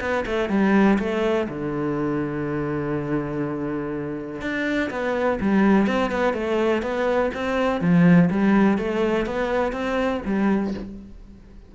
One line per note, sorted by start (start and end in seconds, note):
0.00 0.24 B3
0.25 0.49 A3
0.49 0.98 G3
0.99 1.47 A3
1.49 4.41 D3
4.41 4.90 D4
4.90 5.39 B3
5.40 5.86 G3
5.86 6.11 C4
6.11 6.33 B3
6.33 6.82 A3
6.82 7.31 B3
7.33 7.80 C4
7.80 8.29 F3
8.30 8.78 G3
8.78 9.25 A3
9.25 9.72 B3
9.72 10.21 C4
10.25 10.73 G3